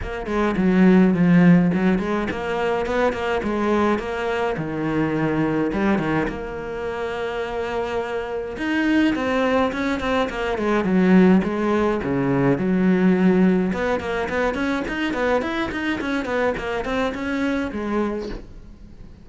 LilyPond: \new Staff \with { instrumentName = "cello" } { \time 4/4 \tempo 4 = 105 ais8 gis8 fis4 f4 fis8 gis8 | ais4 b8 ais8 gis4 ais4 | dis2 g8 dis8 ais4~ | ais2. dis'4 |
c'4 cis'8 c'8 ais8 gis8 fis4 | gis4 cis4 fis2 | b8 ais8 b8 cis'8 dis'8 b8 e'8 dis'8 | cis'8 b8 ais8 c'8 cis'4 gis4 | }